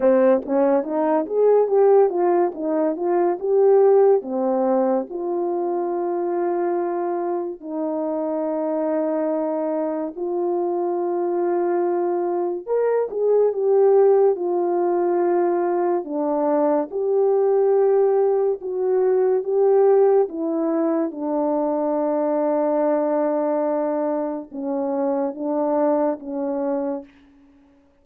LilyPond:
\new Staff \with { instrumentName = "horn" } { \time 4/4 \tempo 4 = 71 c'8 cis'8 dis'8 gis'8 g'8 f'8 dis'8 f'8 | g'4 c'4 f'2~ | f'4 dis'2. | f'2. ais'8 gis'8 |
g'4 f'2 d'4 | g'2 fis'4 g'4 | e'4 d'2.~ | d'4 cis'4 d'4 cis'4 | }